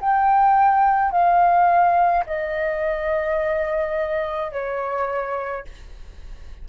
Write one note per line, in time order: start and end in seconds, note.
0.00 1.11 G5
1.11 2.24 F5
2.26 4.52 D#5
4.52 5.65 C#5